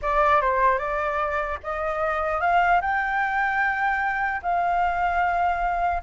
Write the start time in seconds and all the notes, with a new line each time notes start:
0.01 D5
0.41 C5
0.78 D5
1.63 D#5
2.41 F5
2.81 G5
4.42 F5